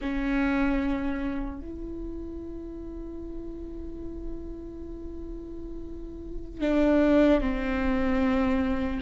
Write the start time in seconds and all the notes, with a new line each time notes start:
0.01 C#4
1.60 E4
6.60 D4
7.40 C4